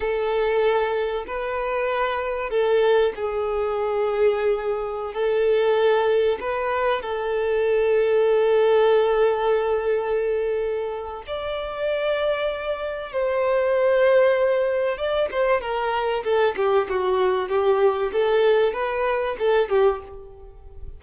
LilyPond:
\new Staff \with { instrumentName = "violin" } { \time 4/4 \tempo 4 = 96 a'2 b'2 | a'4 gis'2.~ | gis'16 a'2 b'4 a'8.~ | a'1~ |
a'2 d''2~ | d''4 c''2. | d''8 c''8 ais'4 a'8 g'8 fis'4 | g'4 a'4 b'4 a'8 g'8 | }